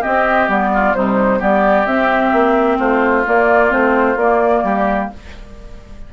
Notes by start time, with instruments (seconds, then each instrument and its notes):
0.00 clarinet C4, oboe G4, flute D#5
0.06 bassoon C4
0.48 bassoon G3, clarinet B3, flute D5
0.74 oboe F4
0.95 bassoon C3, clarinet G3, oboe D#4, flute C5
1.39 bassoon G3, clarinet B3, oboe G4, flute D5
1.86 bassoon C4, clarinet C4, flute E5
2.32 bassoon A#3
2.79 bassoon A3, oboe F4, flute C5
3.25 clarinet A#3, bassoon A#3, flute D5
3.69 bassoon A3, clarinet C4, flute C5
4.16 bassoon A#3, clarinet A#3, flute D5
4.63 bassoon G3, oboe G4